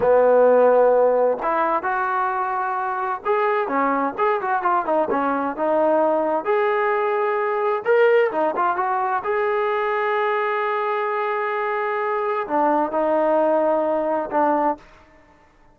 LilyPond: \new Staff \with { instrumentName = "trombone" } { \time 4/4 \tempo 4 = 130 b2. e'4 | fis'2. gis'4 | cis'4 gis'8 fis'8 f'8 dis'8 cis'4 | dis'2 gis'2~ |
gis'4 ais'4 dis'8 f'8 fis'4 | gis'1~ | gis'2. d'4 | dis'2. d'4 | }